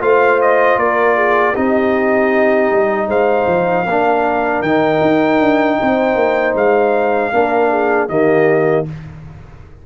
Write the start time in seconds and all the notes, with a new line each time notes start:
0.00 A3 F4 C5 F5
0.41 D#5
0.77 A#3 A#4 D5
1.15 G#4
1.55 C4 D#4 G4 D#5
2.71 G3
3.08 G#3 C5 F5
3.47 F3
3.86 A#3 D4 A#4
4.62 D#3 D#4 G5
5.01 D#4
5.40 D4
5.81 C4 C5
6.15 A#3
6.54 G#3 F5
7.32 A#3 D4 A#4
7.70 G#4
8.08 D#3 A#3 G4 D#5